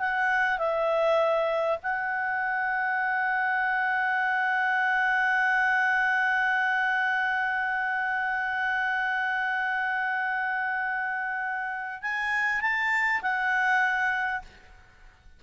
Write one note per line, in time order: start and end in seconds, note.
0.00 0.59 F#5
0.59 1.79 E5
1.83 12.02 F#5
12.02 12.62 G#5
12.62 13.22 A5
13.22 14.42 F#5